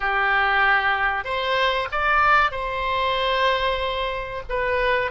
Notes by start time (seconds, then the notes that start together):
0.00 G4
1.24 C5
1.91 D5
2.51 C5
4.49 B4